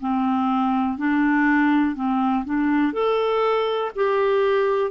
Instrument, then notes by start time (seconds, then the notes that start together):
clarinet
0.00 C4
0.97 D4
1.95 C4
2.45 D4
2.92 A4
3.95 G4